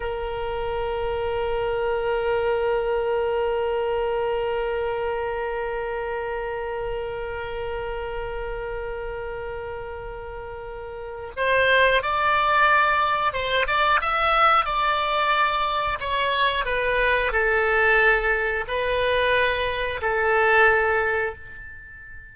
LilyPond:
\new Staff \with { instrumentName = "oboe" } { \time 4/4 \tempo 4 = 90 ais'1~ | ais'1~ | ais'1~ | ais'1~ |
ais'4 c''4 d''2 | c''8 d''8 e''4 d''2 | cis''4 b'4 a'2 | b'2 a'2 | }